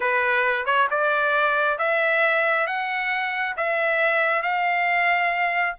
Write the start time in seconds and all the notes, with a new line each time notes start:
0.00 B4
0.65 C#5
0.90 D5
1.78 E5
2.66 F#5
3.57 E5
4.42 F5